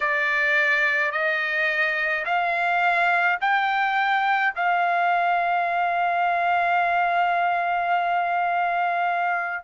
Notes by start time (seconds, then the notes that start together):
0.00 D5
1.11 D#5
2.25 F5
3.41 G5
4.55 F5